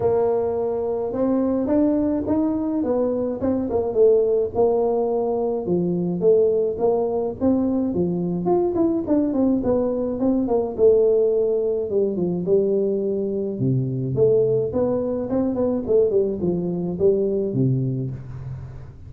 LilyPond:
\new Staff \with { instrumentName = "tuba" } { \time 4/4 \tempo 4 = 106 ais2 c'4 d'4 | dis'4 b4 c'8 ais8 a4 | ais2 f4 a4 | ais4 c'4 f4 f'8 e'8 |
d'8 c'8 b4 c'8 ais8 a4~ | a4 g8 f8 g2 | c4 a4 b4 c'8 b8 | a8 g8 f4 g4 c4 | }